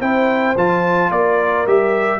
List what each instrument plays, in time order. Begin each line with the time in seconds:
0.00 tuba C4, trombone E4, horn C5, trumpet G5
0.56 tuba F3, trombone F4, trumpet A5
1.10 tuba A#3, horn A#4, trumpet D5
1.67 tuba G3, trombone G4, trumpet E5